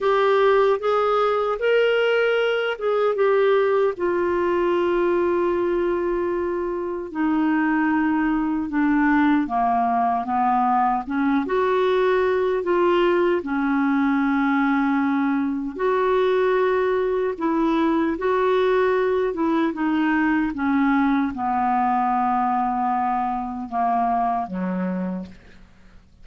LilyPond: \new Staff \with { instrumentName = "clarinet" } { \time 4/4 \tempo 4 = 76 g'4 gis'4 ais'4. gis'8 | g'4 f'2.~ | f'4 dis'2 d'4 | ais4 b4 cis'8 fis'4. |
f'4 cis'2. | fis'2 e'4 fis'4~ | fis'8 e'8 dis'4 cis'4 b4~ | b2 ais4 fis4 | }